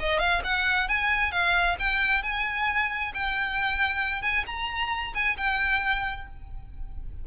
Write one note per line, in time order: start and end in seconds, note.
0.00 0.20 D#5
0.20 0.42 F5
0.44 0.89 F#5
0.89 1.32 G#5
1.32 1.77 F5
1.79 2.23 G5
2.23 3.12 G#5
3.14 4.22 G5
4.22 4.45 G#5
4.46 5.14 A#5
5.15 5.37 G#5
5.37 6.27 G5